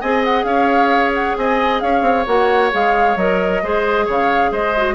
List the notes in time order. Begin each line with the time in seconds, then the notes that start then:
0.00 C4 G#4 D#5 G#5
0.24 F#5
0.43 C#4 C#5 F5
1.14 F#5
1.37 C4 D#5 G#5
1.80 C#4 C#5 F5
2.01 C4
2.26 A#3 F#4 F#5
2.71 G#3 G#4 F5
3.16 F#3 A#4 D#5
3.62 G#3 G#4 C5
4.05 C#3 C#5 F5
4.51 G#3 C5 D#5
4.76 F#4